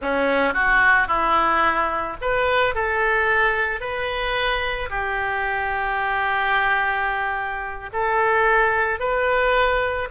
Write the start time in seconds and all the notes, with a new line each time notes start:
0.01 C#4
0.53 F#4
1.07 E4
2.21 B4
2.74 A4
3.80 B4
4.89 G4
7.92 A4
8.99 B4